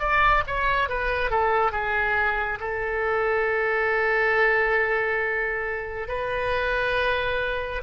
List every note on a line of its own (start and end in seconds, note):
0.00 0.43 D5
0.47 0.89 C#5
0.89 1.31 B4
1.31 1.72 A4
1.72 2.59 G#4
2.60 6.08 A4
6.09 7.83 B4